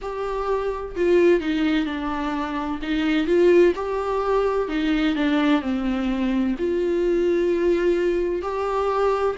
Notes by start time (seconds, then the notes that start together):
0.01 G4
0.95 F4
1.40 D#4
1.85 D4
2.81 D#4
3.26 F4
3.75 G4
4.68 D#4
5.15 D4
5.61 C4
6.58 F4
8.42 G4